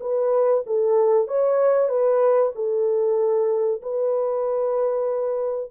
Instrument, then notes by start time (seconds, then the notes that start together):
horn
0.00 B4
0.66 A4
1.27 C#5
1.89 B4
2.55 A4
3.82 B4